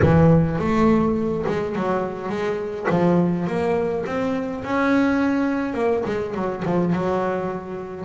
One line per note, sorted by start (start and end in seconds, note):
0.02 0.58 E3
0.58 1.45 A3
1.46 1.75 G#3
1.75 2.29 F#3
2.29 2.86 G#3
2.89 3.47 F3
3.47 4.04 A#3
4.05 4.63 C4
4.64 5.74 C#4
5.74 6.03 A#3
6.05 6.34 G#3
6.34 6.63 F#3
6.65 6.92 F3
6.92 8.04 F#3